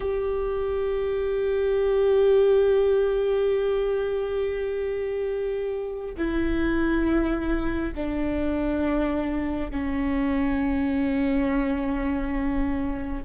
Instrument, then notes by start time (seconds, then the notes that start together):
viola
0.00 G4
6.17 E4
7.94 D4
9.71 C#4